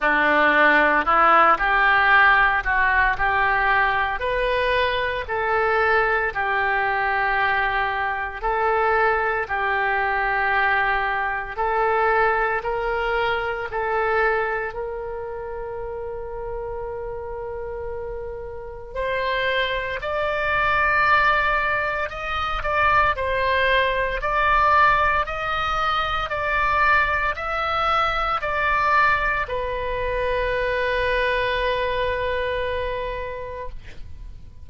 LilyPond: \new Staff \with { instrumentName = "oboe" } { \time 4/4 \tempo 4 = 57 d'4 e'8 g'4 fis'8 g'4 | b'4 a'4 g'2 | a'4 g'2 a'4 | ais'4 a'4 ais'2~ |
ais'2 c''4 d''4~ | d''4 dis''8 d''8 c''4 d''4 | dis''4 d''4 e''4 d''4 | b'1 | }